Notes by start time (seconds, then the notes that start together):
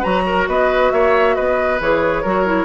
0.00 F#3 F#4 B4 A#5
0.26 A#4
0.48 B3 B4 D#5
0.92 A#3 C#5 E5
1.35 B3 B4 D#5
1.81 E3 G#4 C#5
2.22 F#3 F#4 A#4
2.46 E4